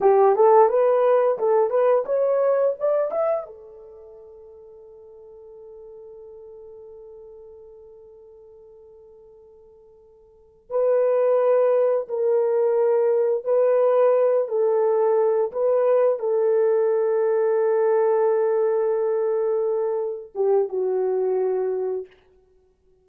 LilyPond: \new Staff \with { instrumentName = "horn" } { \time 4/4 \tempo 4 = 87 g'8 a'8 b'4 a'8 b'8 cis''4 | d''8 e''8 a'2.~ | a'1~ | a'2.~ a'8 b'8~ |
b'4. ais'2 b'8~ | b'4 a'4. b'4 a'8~ | a'1~ | a'4. g'8 fis'2 | }